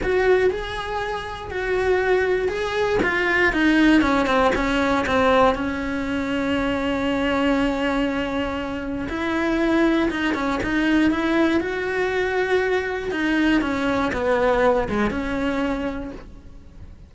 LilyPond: \new Staff \with { instrumentName = "cello" } { \time 4/4 \tempo 4 = 119 fis'4 gis'2 fis'4~ | fis'4 gis'4 f'4 dis'4 | cis'8 c'8 cis'4 c'4 cis'4~ | cis'1~ |
cis'2 e'2 | dis'8 cis'8 dis'4 e'4 fis'4~ | fis'2 dis'4 cis'4 | b4. gis8 cis'2 | }